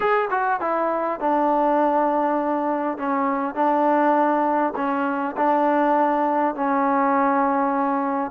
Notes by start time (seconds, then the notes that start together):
0.00 G#4
0.30 F#4
0.60 E4
1.20 D4
2.98 C#4
3.54 D4
4.76 C#4
5.36 D4
6.55 C#4